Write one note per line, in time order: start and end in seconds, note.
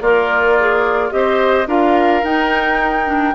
0.00 1.11 A#3
0.00 1.13 F4
0.00 0.58 A#4
0.00 1.11 D5
0.59 1.09 G#4
1.09 1.66 C4
1.09 1.65 G4
1.09 1.67 D#5
1.16 1.68 C5
1.66 2.22 D4
1.66 2.22 F4
1.66 3.34 A#4
1.66 2.24 F5
2.23 3.05 D#4
2.23 3.34 D#4
2.23 3.34 G5
3.05 3.33 D4